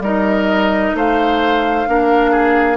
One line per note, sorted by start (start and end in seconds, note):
0.00 0.92 G3
0.00 1.87 D#4
0.00 0.96 A#4
0.00 0.97 D#5
0.94 1.87 A3
0.94 1.88 C5
0.94 2.77 F5
1.87 2.77 A#3
1.87 2.77 D4
1.87 2.31 A#4
2.31 2.77 G#4